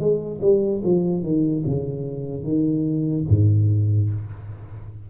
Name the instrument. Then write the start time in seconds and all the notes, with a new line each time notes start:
tuba
0.00 G#3
0.42 G3
0.84 F3
1.23 D#3
1.66 C#3
2.44 D#3
3.29 G#2